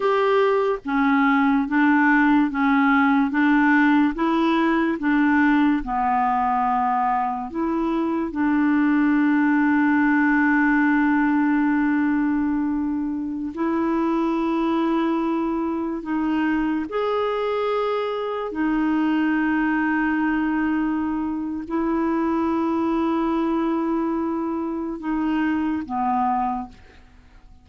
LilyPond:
\new Staff \with { instrumentName = "clarinet" } { \time 4/4 \tempo 4 = 72 g'4 cis'4 d'4 cis'4 | d'4 e'4 d'4 b4~ | b4 e'4 d'2~ | d'1~ |
d'16 e'2. dis'8.~ | dis'16 gis'2 dis'4.~ dis'16~ | dis'2 e'2~ | e'2 dis'4 b4 | }